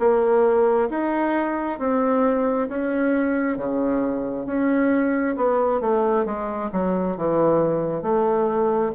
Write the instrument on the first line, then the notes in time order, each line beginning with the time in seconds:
bassoon
0.00 A#3
0.90 D#4
1.79 C4
2.69 C#4
3.58 C#3
4.47 C#4
5.37 B3
5.81 A3
6.26 G#3
6.72 F#3
7.17 E3
8.03 A3